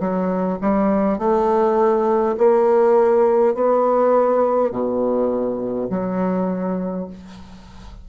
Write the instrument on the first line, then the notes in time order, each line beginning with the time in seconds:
bassoon
0.00 F#3
0.61 G3
1.19 A3
2.38 A#3
3.55 B3
4.72 B2
5.90 F#3